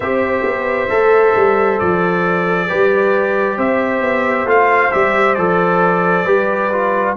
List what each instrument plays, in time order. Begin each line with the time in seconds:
0.00 tuba C4, trombone G4, horn C5, trumpet E5
0.44 tuba B3
0.89 tuba A3, trombone A4
1.35 tuba G3
1.79 tuba F3, trumpet D5
2.68 tuba G3, trombone G4, horn B4
3.57 tuba C4, horn C5, trumpet E5
4.01 tuba B3
4.45 tuba A3, trombone F4, trumpet F5
4.91 tuba G3, trombone G4, trumpet E5
5.34 tuba F3, trombone A4, trumpet D5
6.24 tuba G3, trombone G4, horn B4
6.71 trombone F4